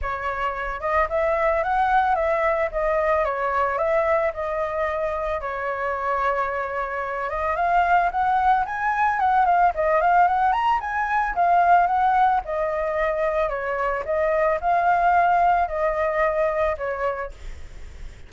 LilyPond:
\new Staff \with { instrumentName = "flute" } { \time 4/4 \tempo 4 = 111 cis''4. dis''8 e''4 fis''4 | e''4 dis''4 cis''4 e''4 | dis''2 cis''2~ | cis''4. dis''8 f''4 fis''4 |
gis''4 fis''8 f''8 dis''8 f''8 fis''8 ais''8 | gis''4 f''4 fis''4 dis''4~ | dis''4 cis''4 dis''4 f''4~ | f''4 dis''2 cis''4 | }